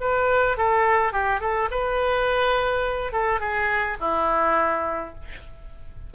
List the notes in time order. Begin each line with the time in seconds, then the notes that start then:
0.00 B4
0.57 A4
1.12 G4
1.40 A4
1.70 B4
3.12 A4
3.40 G#4
4.00 E4